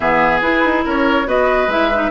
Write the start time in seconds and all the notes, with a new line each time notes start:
0.00 E3 B3 G#4 E5
0.40 E4 B4
0.64 D#4
0.84 C#4 A#4 C#5
1.25 B3 F#4 B4 D#5
1.67 G#3 E4 E5
1.94 D#4